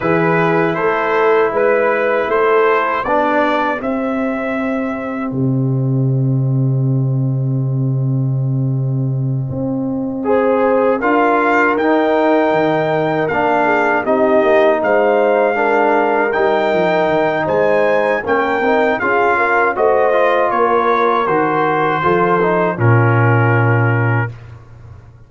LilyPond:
<<
  \new Staff \with { instrumentName = "trumpet" } { \time 4/4 \tempo 4 = 79 b'4 c''4 b'4 c''4 | d''4 e''2 dis''4~ | dis''1~ | dis''2~ dis''8 f''4 g''8~ |
g''4. f''4 dis''4 f''8~ | f''4. g''4. gis''4 | g''4 f''4 dis''4 cis''4 | c''2 ais'2 | }
  \new Staff \with { instrumentName = "horn" } { \time 4/4 gis'4 a'4 b'4 a'4 | g'1~ | g'1~ | g'4. c''4 ais'4.~ |
ais'2 gis'8 g'4 c''8~ | c''8 ais'2~ ais'8 c''4 | ais'4 gis'8 ais'8 c''4 ais'4~ | ais'4 a'4 f'2 | }
  \new Staff \with { instrumentName = "trombone" } { \time 4/4 e'1 | d'4 c'2.~ | c'1~ | c'4. gis'4 f'4 dis'8~ |
dis'4. d'4 dis'4.~ | dis'8 d'4 dis'2~ dis'8 | cis'8 dis'8 f'4 fis'8 f'4. | fis'4 f'8 dis'8 cis'2 | }
  \new Staff \with { instrumentName = "tuba" } { \time 4/4 e4 a4 gis4 a4 | b4 c'2 c4~ | c1~ | c8 c'2 d'4 dis'8~ |
dis'8 dis4 ais4 c'8 ais8 gis8~ | gis4. g8 f8 dis8 gis4 | ais8 c'8 cis'4 a4 ais4 | dis4 f4 ais,2 | }
>>